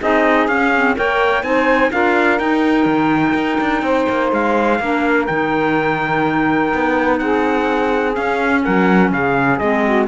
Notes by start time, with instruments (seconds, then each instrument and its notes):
0.00 cello C4, clarinet D#4, saxophone G#4, trumpet D#5
0.48 cello C#4, clarinet C#4, trumpet F5
0.75 clarinet C4
0.96 cello A#3, clarinet A#4, saxophone C#5, trumpet G5
1.43 cello C4, clarinet D#4, saxophone C5, trumpet G#5
1.92 cello D4, clarinet F4, saxophone A#4, trumpet F5
2.39 clarinet D#4, cello D#4, trumpet G5
2.86 cello D#3
3.34 cello D#4
3.60 cello D4
3.82 cello C4, saxophone C5
4.09 cello A#3
4.32 cello G#3, trumpet F5
4.80 cello A#3, clarinet D4, saxophone A#4
5.27 cello D#3, clarinet D#4, trumpet G5
6.74 cello B3
7.18 cello C4, saxophone G#4, trumpet F#5
8.14 clarinet C#4, cello C#4, trumpet F5
8.63 cello F#3, saxophone A#4, trumpet F#5
9.12 cello C#3, saxophone G#4, trumpet F5
9.59 cello G#3, clarinet C4, trumpet D#5
9.85 saxophone F#4